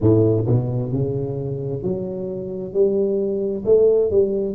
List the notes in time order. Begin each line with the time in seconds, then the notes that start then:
0.00 A2
0.46 B2
0.92 C#3
1.82 F#3
2.73 G3
3.65 A3
4.10 G3